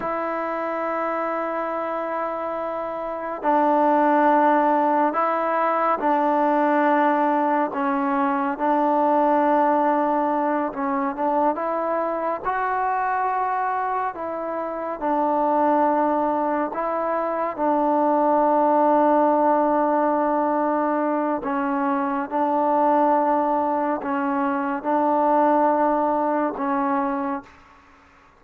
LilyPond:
\new Staff \with { instrumentName = "trombone" } { \time 4/4 \tempo 4 = 70 e'1 | d'2 e'4 d'4~ | d'4 cis'4 d'2~ | d'8 cis'8 d'8 e'4 fis'4.~ |
fis'8 e'4 d'2 e'8~ | e'8 d'2.~ d'8~ | d'4 cis'4 d'2 | cis'4 d'2 cis'4 | }